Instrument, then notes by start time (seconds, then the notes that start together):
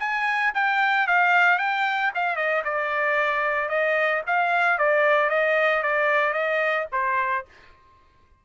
trumpet
0.00 G#5
0.55 G5
1.07 F5
1.59 G5
2.15 F5
2.36 D#5
2.65 D5
3.69 D#5
4.27 F5
4.79 D5
5.30 D#5
5.83 D5
6.34 D#5
6.92 C5